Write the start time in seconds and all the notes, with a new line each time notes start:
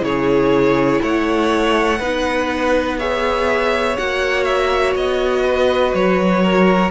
0.00 C#3 E4 G#4 C#5
1.02 A3 C#5 F#5
1.99 B3 D#4 B4
2.98 G#4 C#5 E5
3.97 A#3 F#4 F#5
4.44 E5
4.95 B3 D#5
5.45 B4
5.93 F#3 C#5
6.43 A#4